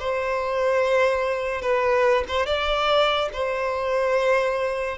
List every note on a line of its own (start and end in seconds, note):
0.00 1.62 C5
1.62 2.25 B4
2.28 2.47 C5
2.47 3.30 D5
3.33 4.98 C5